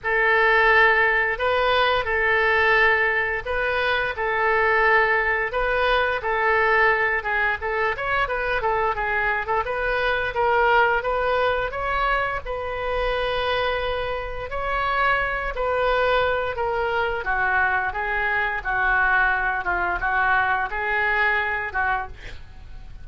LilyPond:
\new Staff \with { instrumentName = "oboe" } { \time 4/4 \tempo 4 = 87 a'2 b'4 a'4~ | a'4 b'4 a'2 | b'4 a'4. gis'8 a'8 cis''8 | b'8 a'8 gis'8. a'16 b'4 ais'4 |
b'4 cis''4 b'2~ | b'4 cis''4. b'4. | ais'4 fis'4 gis'4 fis'4~ | fis'8 f'8 fis'4 gis'4. fis'8 | }